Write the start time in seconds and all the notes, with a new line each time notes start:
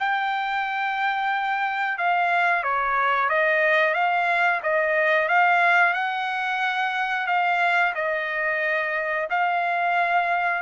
0.00 G5
1.98 F5
2.64 C#5
3.29 D#5
3.94 F5
4.63 D#5
5.29 F5
5.94 F#5
7.27 F5
7.95 D#5
9.30 F5